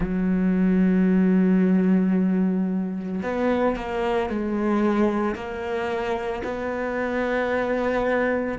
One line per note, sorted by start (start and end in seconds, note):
0.00 3.21 F#3
3.22 3.75 B3
3.75 4.29 A#3
4.29 5.35 G#3
5.35 6.42 A#3
6.43 8.58 B3